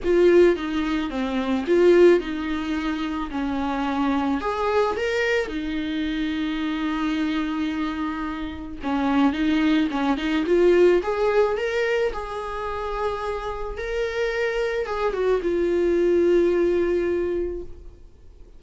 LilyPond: \new Staff \with { instrumentName = "viola" } { \time 4/4 \tempo 4 = 109 f'4 dis'4 c'4 f'4 | dis'2 cis'2 | gis'4 ais'4 dis'2~ | dis'1 |
cis'4 dis'4 cis'8 dis'8 f'4 | gis'4 ais'4 gis'2~ | gis'4 ais'2 gis'8 fis'8 | f'1 | }